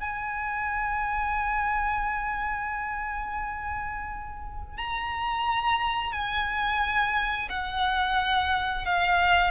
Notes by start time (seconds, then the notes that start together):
0.00 G#5
4.77 A#5
6.12 G#5
7.49 F#5
8.85 F5